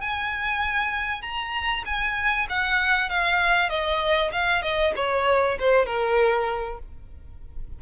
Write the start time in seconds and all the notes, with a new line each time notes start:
0.00 G#5
1.21 A#5
1.85 G#5
2.49 F#5
3.09 F5
3.69 D#5
4.32 F5
4.62 D#5
4.95 C#5
5.59 C5
5.85 A#4